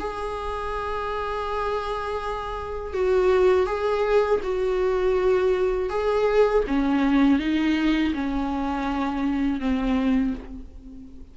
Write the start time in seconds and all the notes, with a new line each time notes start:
0.00 G#4
2.94 F#4
3.67 G#4
4.43 F#4
5.90 G#4
6.68 C#4
7.39 D#4
8.14 C#4
9.60 C4